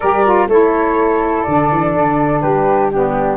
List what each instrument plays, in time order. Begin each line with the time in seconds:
0.00 tuba G3, saxophone G4, flute A#4 D5
0.24 saxophone F4
0.47 tuba A3, saxophone E4, flute A4 C#5
1.42 tuba D3, saxophone D4, flute D5
1.71 tuba E3
1.93 tuba D3
2.40 tuba G3, flute G4 B4
2.91 saxophone B3, flute D4 G4